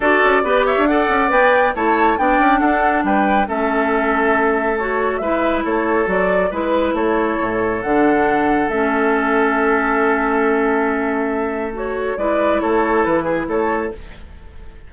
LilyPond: <<
  \new Staff \with { instrumentName = "flute" } { \time 4/4 \tempo 4 = 138 d''4. e''8 fis''4 g''4 | a''4 g''4 fis''4 g''4 | e''2. cis''4 | e''4 cis''4 d''4 b'4 |
cis''2 fis''2 | e''1~ | e''2. cis''4 | d''4 cis''4 b'4 cis''4 | }
  \new Staff \with { instrumentName = "oboe" } { \time 4/4 a'4 b'8 cis''8 d''2 | cis''4 d''4 a'4 b'4 | a'1 | b'4 a'2 b'4 |
a'1~ | a'1~ | a'1 | b'4 a'4. gis'8 a'4 | }
  \new Staff \with { instrumentName = "clarinet" } { \time 4/4 fis'4 g'4 a'4 b'4 | e'4 d'2. | cis'2. fis'4 | e'2 fis'4 e'4~ |
e'2 d'2 | cis'1~ | cis'2. fis'4 | e'1 | }
  \new Staff \with { instrumentName = "bassoon" } { \time 4/4 d'8 cis'8 b8. d'8. cis'8 b4 | a4 b8 cis'8 d'4 g4 | a1 | gis4 a4 fis4 gis4 |
a4 a,4 d2 | a1~ | a1 | gis4 a4 e4 a4 | }
>>